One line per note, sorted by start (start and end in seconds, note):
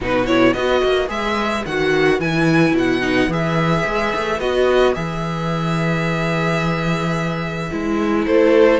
0.01 0.54 B2
0.01 0.26 D#4
0.01 0.55 F#4
0.01 0.26 B4
0.26 0.54 E4
0.26 0.53 C#5
0.53 0.82 B3
0.53 1.07 F#4
0.53 8.26 B4
0.53 1.08 D#5
0.83 1.09 A#3
1.07 1.64 G#3
1.07 1.62 G#4
1.07 1.65 E5
1.65 2.20 D#3
1.65 2.20 F#4
1.65 2.20 F#5
2.20 2.72 E3
2.20 3.01 E4
2.20 2.75 G#5
2.72 3.27 B2
2.72 3.32 F#5
3.01 3.28 D#4
3.27 3.82 E3
3.27 4.39 G#4
3.27 4.40 E5
3.86 4.13 G#3
4.15 4.40 A3
4.40 4.95 B3
4.40 4.94 F#4
4.40 4.94 D#5
4.94 7.71 E3
4.94 7.69 G#4
4.94 8.24 E5
7.70 8.26 G#3
7.70 8.80 E4
8.26 8.80 A3
8.26 8.80 A4
8.26 8.80 C5